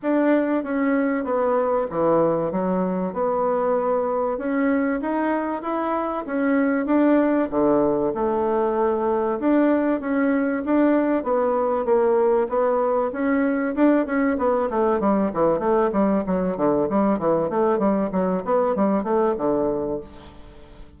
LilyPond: \new Staff \with { instrumentName = "bassoon" } { \time 4/4 \tempo 4 = 96 d'4 cis'4 b4 e4 | fis4 b2 cis'4 | dis'4 e'4 cis'4 d'4 | d4 a2 d'4 |
cis'4 d'4 b4 ais4 | b4 cis'4 d'8 cis'8 b8 a8 | g8 e8 a8 g8 fis8 d8 g8 e8 | a8 g8 fis8 b8 g8 a8 d4 | }